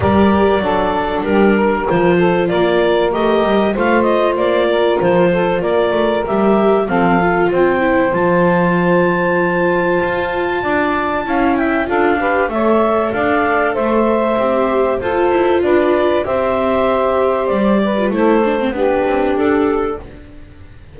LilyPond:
<<
  \new Staff \with { instrumentName = "clarinet" } { \time 4/4 \tempo 4 = 96 d''2 ais'4 c''4 | d''4 dis''4 f''8 dis''8 d''4 | c''4 d''4 e''4 f''4 | g''4 a''2.~ |
a''2~ a''8 g''8 f''4 | e''4 f''4 e''2 | c''4 d''4 e''2 | d''4 c''4 b'4 a'4 | }
  \new Staff \with { instrumentName = "saxophone" } { \time 4/4 ais'4 a'4 g'8 ais'4 a'8 | ais'2 c''4. ais'8~ | ais'8 a'8 ais'2 a'4 | c''1~ |
c''4 d''4 f''8 e''8 a'8 b'8 | cis''4 d''4 c''2 | a'4 b'4 c''2~ | c''8 b'8 a'4 g'2 | }
  \new Staff \with { instrumentName = "viola" } { \time 4/4 g'4 d'2 f'4~ | f'4 g'4 f'2~ | f'2 g'4 c'8 f'8~ | f'8 e'8 f'2.~ |
f'2 e'4 f'8 g'8 | a'2. g'4 | f'2 g'2~ | g'8. f'16 e'8 d'16 c'16 d'2 | }
  \new Staff \with { instrumentName = "double bass" } { \time 4/4 g4 fis4 g4 f4 | ais4 a8 g8 a4 ais4 | f4 ais8 a8 g4 f4 | c'4 f2. |
f'4 d'4 cis'4 d'4 | a4 d'4 a4 c'4 | f'8 e'8 d'4 c'2 | g4 a4 b8 c'8 d'4 | }
>>